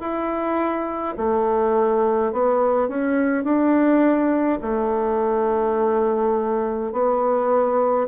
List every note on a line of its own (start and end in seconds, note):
0.00 1.15 E4
1.17 2.32 A3
2.32 2.88 B3
2.88 3.44 C#4
3.44 4.59 D4
4.62 6.92 A3
6.92 8.08 B3